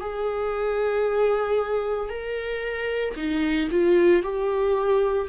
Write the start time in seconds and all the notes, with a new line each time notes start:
0.00 G#4
2.10 A#4
3.16 D#4
3.71 F4
4.23 G4